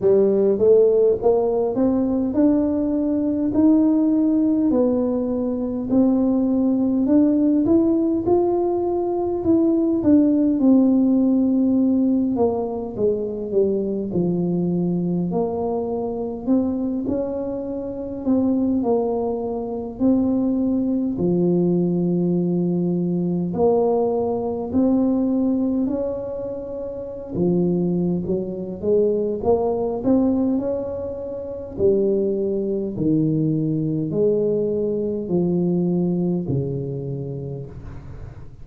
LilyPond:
\new Staff \with { instrumentName = "tuba" } { \time 4/4 \tempo 4 = 51 g8 a8 ais8 c'8 d'4 dis'4 | b4 c'4 d'8 e'8 f'4 | e'8 d'8 c'4. ais8 gis8 g8 | f4 ais4 c'8 cis'4 c'8 |
ais4 c'4 f2 | ais4 c'4 cis'4~ cis'16 f8. | fis8 gis8 ais8 c'8 cis'4 g4 | dis4 gis4 f4 cis4 | }